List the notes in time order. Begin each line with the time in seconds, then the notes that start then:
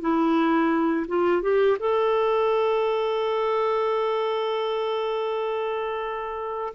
0.00 E4
1.08 F4
1.42 G4
1.79 A4